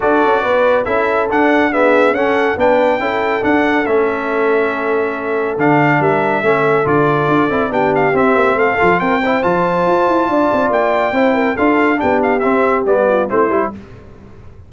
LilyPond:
<<
  \new Staff \with { instrumentName = "trumpet" } { \time 4/4 \tempo 4 = 140 d''2 e''4 fis''4 | e''4 fis''4 g''2 | fis''4 e''2.~ | e''4 f''4 e''2 |
d''2 g''8 f''8 e''4 | f''4 g''4 a''2~ | a''4 g''2 f''4 | g''8 f''8 e''4 d''4 c''4 | }
  \new Staff \with { instrumentName = "horn" } { \time 4/4 a'4 b'4 a'2 | gis'4 a'4 b'4 a'4~ | a'1~ | a'2 ais'4 a'4~ |
a'2 g'2 | a'4 ais'8 c''2~ c''8 | d''2 c''8 ais'8 a'4 | g'2~ g'8 f'8 e'4 | }
  \new Staff \with { instrumentName = "trombone" } { \time 4/4 fis'2 e'4 d'4 | b4 cis'4 d'4 e'4 | d'4 cis'2.~ | cis'4 d'2 cis'4 |
f'4. e'8 d'4 c'4~ | c'8 f'4 e'8 f'2~ | f'2 e'4 f'4 | d'4 c'4 b4 c'8 e'8 | }
  \new Staff \with { instrumentName = "tuba" } { \time 4/4 d'8 cis'8 b4 cis'4 d'4~ | d'4 cis'4 b4 cis'4 | d'4 a2.~ | a4 d4 g4 a4 |
d4 d'8 c'8 b4 c'8 ais8 | a8 f8 c'4 f4 f'8 e'8 | d'8 c'8 ais4 c'4 d'4 | b4 c'4 g4 a8 g8 | }
>>